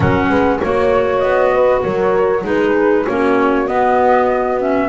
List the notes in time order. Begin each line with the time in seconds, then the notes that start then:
0.00 F#3 C#4 A#4 F#5
0.29 G#3 B4
0.61 A#3 F#4 C#5
1.18 B3 D#5
1.53 B4
1.83 F#3 A#4 C#5
2.43 G#3 D#4 G#4 B4
3.06 A#3 C#4 F#4 C#5
3.65 B3 D#5
4.59 C#4 E5